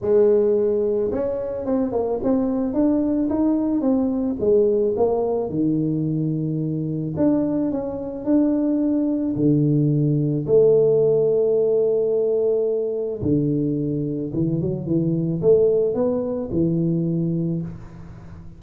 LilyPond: \new Staff \with { instrumentName = "tuba" } { \time 4/4 \tempo 4 = 109 gis2 cis'4 c'8 ais8 | c'4 d'4 dis'4 c'4 | gis4 ais4 dis2~ | dis4 d'4 cis'4 d'4~ |
d'4 d2 a4~ | a1 | d2 e8 fis8 e4 | a4 b4 e2 | }